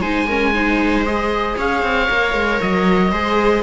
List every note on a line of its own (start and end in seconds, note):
0.00 1.55 G#3
0.00 0.28 D#4
0.00 0.27 C5
0.00 1.05 G#5
0.28 0.54 C#4
0.28 0.54 A#4
0.54 1.05 D#4
0.54 1.57 C5
1.05 2.09 G#4
1.05 1.57 D#5
1.57 1.82 C#4
1.57 3.12 C#5
1.57 2.61 F5
1.82 2.08 C4
2.10 2.34 A#3
2.10 3.13 A#4
2.34 2.60 G#3
2.61 3.12 F#3
2.61 3.63 D#5
3.12 3.63 G#3
3.12 3.63 G#4
3.12 3.63 C5